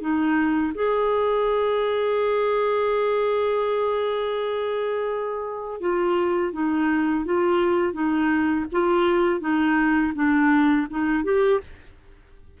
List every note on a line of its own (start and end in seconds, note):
0.00 0.72 D#4
0.74 5.80 G#4
5.80 6.52 F4
6.52 7.25 D#4
7.25 7.93 F4
7.93 8.65 D#4
8.71 9.40 F4
9.40 10.12 D#4
10.14 10.87 D4
10.90 11.24 D#4
11.24 11.60 G4